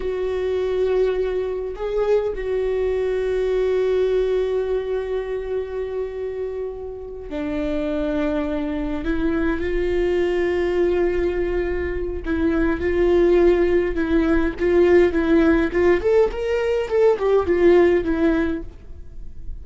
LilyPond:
\new Staff \with { instrumentName = "viola" } { \time 4/4 \tempo 4 = 103 fis'2. gis'4 | fis'1~ | fis'1~ | fis'8 d'2. e'8~ |
e'8 f'2.~ f'8~ | f'4 e'4 f'2 | e'4 f'4 e'4 f'8 a'8 | ais'4 a'8 g'8 f'4 e'4 | }